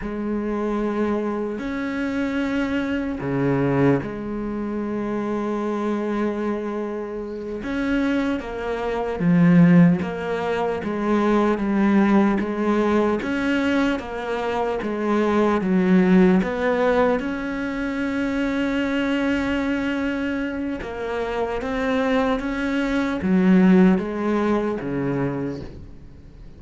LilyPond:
\new Staff \with { instrumentName = "cello" } { \time 4/4 \tempo 4 = 75 gis2 cis'2 | cis4 gis2.~ | gis4. cis'4 ais4 f8~ | f8 ais4 gis4 g4 gis8~ |
gis8 cis'4 ais4 gis4 fis8~ | fis8 b4 cis'2~ cis'8~ | cis'2 ais4 c'4 | cis'4 fis4 gis4 cis4 | }